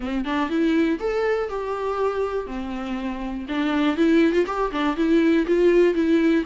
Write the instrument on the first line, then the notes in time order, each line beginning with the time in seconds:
viola
0.00 C4
0.25 D4
0.49 E4
0.99 A4
1.49 G4
2.47 C4
3.48 D4
3.96 E4
4.32 F4
4.46 G4
4.71 D4
4.96 E4
5.47 F4
5.94 E4